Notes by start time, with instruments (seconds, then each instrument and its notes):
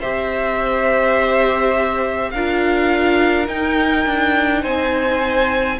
0.00 cello C4, viola G4, violin C5 E5
2.31 cello D4, viola F4, violin A#4 F5
3.47 viola D#4, cello D#4, violin G5
4.06 cello D4
4.62 cello C4, violin C5 G#5